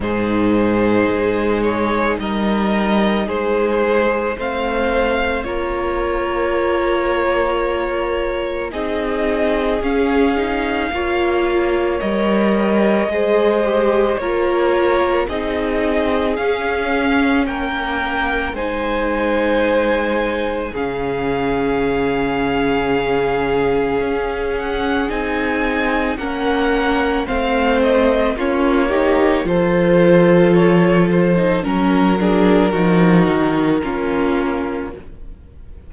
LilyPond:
<<
  \new Staff \with { instrumentName = "violin" } { \time 4/4 \tempo 4 = 55 c''4. cis''8 dis''4 c''4 | f''4 cis''2. | dis''4 f''2 dis''4~ | dis''4 cis''4 dis''4 f''4 |
g''4 gis''2 f''4~ | f''2~ f''8 fis''8 gis''4 | fis''4 f''8 dis''8 cis''4 c''4 | cis''8 c''8 ais'2. | }
  \new Staff \with { instrumentName = "violin" } { \time 4/4 gis'2 ais'4 gis'4 | c''4 ais'2. | gis'2 cis''2 | c''4 ais'4 gis'2 |
ais'4 c''2 gis'4~ | gis'1 | ais'4 c''4 f'8 g'8 a'4~ | a'4 ais'8 gis'8 fis'4 f'4 | }
  \new Staff \with { instrumentName = "viola" } { \time 4/4 dis'1 | c'4 f'2. | dis'4 cis'8 dis'8 f'4 ais'4 | gis'8 g'8 f'4 dis'4 cis'4~ |
cis'4 dis'2 cis'4~ | cis'2. dis'4 | cis'4 c'4 cis'8 dis'8 f'4~ | f'8. dis'16 cis'8 d'8 dis'4 cis'4 | }
  \new Staff \with { instrumentName = "cello" } { \time 4/4 gis,4 gis4 g4 gis4 | a4 ais2. | c'4 cis'4 ais4 g4 | gis4 ais4 c'4 cis'4 |
ais4 gis2 cis4~ | cis2 cis'4 c'4 | ais4 a4 ais4 f4~ | f4 fis4 f8 dis8 ais4 | }
>>